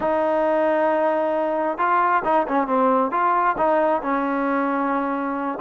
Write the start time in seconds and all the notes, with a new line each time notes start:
0.00 D#4
1.78 F4
2.24 D#4
2.47 C#4
2.67 C4
3.11 F4
3.57 D#4
4.02 C#4